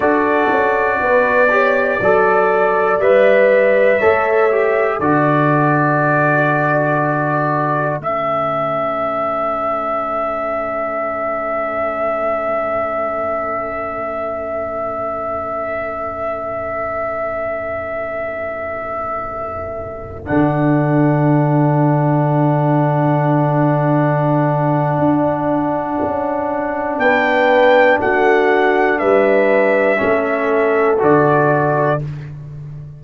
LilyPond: <<
  \new Staff \with { instrumentName = "trumpet" } { \time 4/4 \tempo 4 = 60 d''2. e''4~ | e''4 d''2. | e''1~ | e''1~ |
e''1~ | e''16 fis''2.~ fis''8.~ | fis''2. g''4 | fis''4 e''2 d''4 | }
  \new Staff \with { instrumentName = "horn" } { \time 4/4 a'4 b'8 cis''8 d''2 | cis''4 a'2.~ | a'1~ | a'1~ |
a'1~ | a'1~ | a'2. b'4 | fis'4 b'4 a'2 | }
  \new Staff \with { instrumentName = "trombone" } { \time 4/4 fis'4. g'8 a'4 b'4 | a'8 g'8 fis'2. | cis'1~ | cis'1~ |
cis'1~ | cis'16 d'2.~ d'8.~ | d'1~ | d'2 cis'4 fis'4 | }
  \new Staff \with { instrumentName = "tuba" } { \time 4/4 d'8 cis'8 b4 fis4 g4 | a4 d2. | a1~ | a1~ |
a1~ | a16 d2.~ d8.~ | d4 d'4 cis'4 b4 | a4 g4 a4 d4 | }
>>